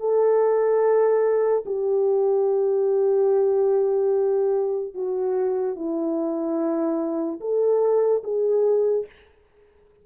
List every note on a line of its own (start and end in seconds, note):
0.00 1.64 A4
1.66 4.95 G4
4.95 5.76 F#4
5.76 7.40 E4
7.41 8.23 A4
8.24 9.06 G#4